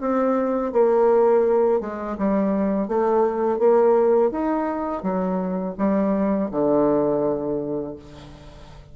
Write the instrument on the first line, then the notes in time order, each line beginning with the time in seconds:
bassoon
0.00 C4
0.72 A#3
1.80 G#3
2.18 G3
2.88 A3
3.58 A#3
4.30 D#4
5.02 F#3
5.78 G3
6.51 D3